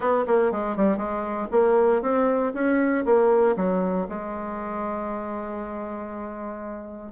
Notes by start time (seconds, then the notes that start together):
0.00 B3
0.27 A#3
0.51 G#3
0.76 G3
0.97 G#3
1.51 A#3
2.02 C4
2.54 C#4
3.05 A#3
3.56 F#3
4.09 G#3